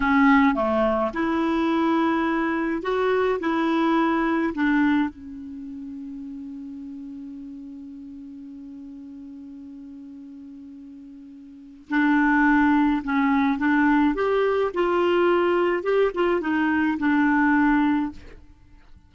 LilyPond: \new Staff \with { instrumentName = "clarinet" } { \time 4/4 \tempo 4 = 106 cis'4 a4 e'2~ | e'4 fis'4 e'2 | d'4 cis'2.~ | cis'1~ |
cis'1~ | cis'4 d'2 cis'4 | d'4 g'4 f'2 | g'8 f'8 dis'4 d'2 | }